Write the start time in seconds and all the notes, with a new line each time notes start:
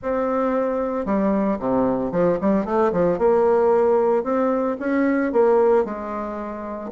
0.02 C4
1.05 G3
1.59 C3
2.11 F3
2.40 G3
2.65 A3
2.92 F3
3.18 A#3
4.23 C4
4.79 C#4
5.32 A#3
5.84 G#3